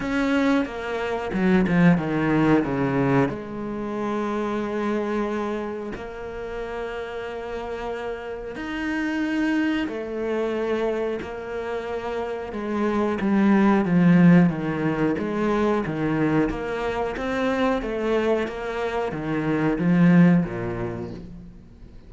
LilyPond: \new Staff \with { instrumentName = "cello" } { \time 4/4 \tempo 4 = 91 cis'4 ais4 fis8 f8 dis4 | cis4 gis2.~ | gis4 ais2.~ | ais4 dis'2 a4~ |
a4 ais2 gis4 | g4 f4 dis4 gis4 | dis4 ais4 c'4 a4 | ais4 dis4 f4 ais,4 | }